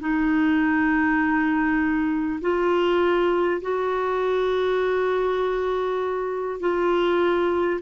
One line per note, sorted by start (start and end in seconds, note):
0.00 2.40 D#4
2.42 3.62 F4
3.62 6.60 F#4
6.60 7.80 F4